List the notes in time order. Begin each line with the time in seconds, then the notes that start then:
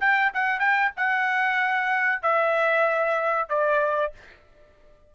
0.00 G5
0.33 F#5
0.59 G5
0.96 F#5
2.22 E5
3.49 D5